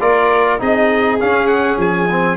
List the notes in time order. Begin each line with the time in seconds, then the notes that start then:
0.00 A#3 F4 A#4 D5
0.59 C4 D#4 G#4 D#5
1.20 C#4 F5
1.47 F#5
1.77 F3 G#5
2.11 C4